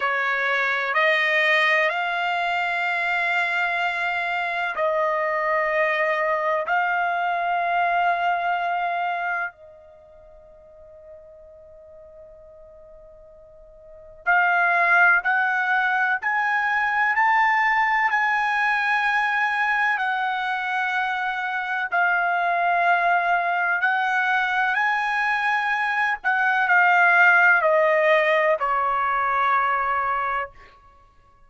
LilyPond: \new Staff \with { instrumentName = "trumpet" } { \time 4/4 \tempo 4 = 63 cis''4 dis''4 f''2~ | f''4 dis''2 f''4~ | f''2 dis''2~ | dis''2. f''4 |
fis''4 gis''4 a''4 gis''4~ | gis''4 fis''2 f''4~ | f''4 fis''4 gis''4. fis''8 | f''4 dis''4 cis''2 | }